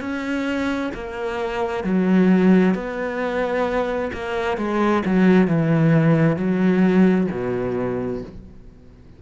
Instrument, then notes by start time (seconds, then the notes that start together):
cello
0.00 C#4
0.94 A#3
1.83 F#3
2.74 B3
4.13 A#3
4.57 G#3
5.05 F#3
5.47 E3
6.36 F#3
7.31 B2